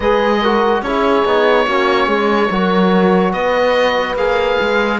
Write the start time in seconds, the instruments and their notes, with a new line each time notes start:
0.00 cello G#3, trombone G#4, horn B4, oboe D#5
0.41 trombone F#4, horn A#4
0.82 cello C#4, trombone E4, horn G#4, oboe C#5
1.25 cello B3, trombone D#4
1.66 cello A#3, trombone C#4, horn F#4
2.07 cello G#3, horn G#4
2.49 cello F#3, trombone F#4, horn A#4
3.32 cello B3, horn B4, oboe D#5
4.14 cello A#3, trombone G#4, oboe F5
4.60 cello G#3